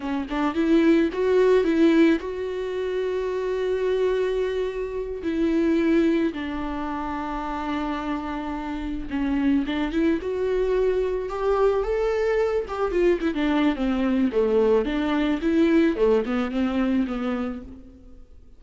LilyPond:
\new Staff \with { instrumentName = "viola" } { \time 4/4 \tempo 4 = 109 cis'8 d'8 e'4 fis'4 e'4 | fis'1~ | fis'4. e'2 d'8~ | d'1~ |
d'8 cis'4 d'8 e'8 fis'4.~ | fis'8 g'4 a'4. g'8 f'8 | e'16 d'8. c'4 a4 d'4 | e'4 a8 b8 c'4 b4 | }